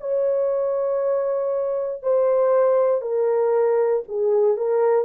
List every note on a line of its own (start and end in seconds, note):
0.00 2.02 C#5
2.02 3.01 C5
3.01 4.03 A#4
4.08 4.57 G#4
4.57 5.05 A#4